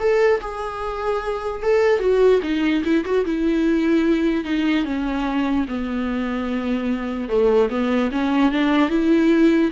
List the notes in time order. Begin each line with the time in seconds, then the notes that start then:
0.00 A4
0.41 G#4
1.62 A4
2.00 F#4
2.43 D#4
2.84 E4
3.05 F#4
3.25 E4
4.44 D#4
4.85 C#4
5.68 B3
7.29 A3
7.70 B3
8.12 C#4
8.52 D4
8.90 E4